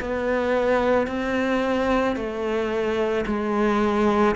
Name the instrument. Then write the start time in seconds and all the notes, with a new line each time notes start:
cello
0.00 B3
1.07 C4
2.16 A3
3.26 G#3